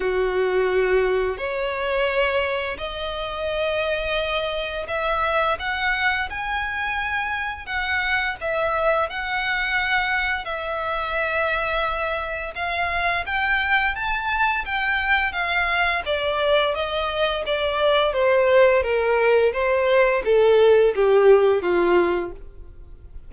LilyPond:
\new Staff \with { instrumentName = "violin" } { \time 4/4 \tempo 4 = 86 fis'2 cis''2 | dis''2. e''4 | fis''4 gis''2 fis''4 | e''4 fis''2 e''4~ |
e''2 f''4 g''4 | a''4 g''4 f''4 d''4 | dis''4 d''4 c''4 ais'4 | c''4 a'4 g'4 f'4 | }